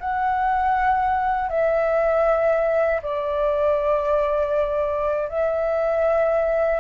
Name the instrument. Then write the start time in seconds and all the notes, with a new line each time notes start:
flute
0.00 F#5
1.49 E5
3.02 D5
5.29 E5